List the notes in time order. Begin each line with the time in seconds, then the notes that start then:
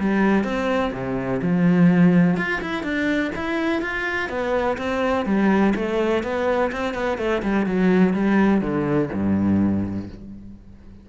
0.00 G3
0.44 C4
0.93 C3
1.42 F3
2.37 F4
2.61 E4
2.84 D4
3.36 E4
3.82 F4
4.29 B3
4.78 C4
5.26 G3
5.75 A3
6.24 B3
6.72 C4
6.94 B3
7.18 A3
7.43 G3
7.66 F#3
8.14 G3
8.61 D3
9.13 G2